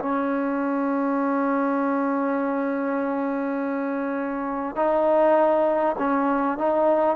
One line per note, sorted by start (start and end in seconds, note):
0.00 4.76 C#4
4.76 5.96 D#4
5.99 6.58 C#4
6.58 7.17 D#4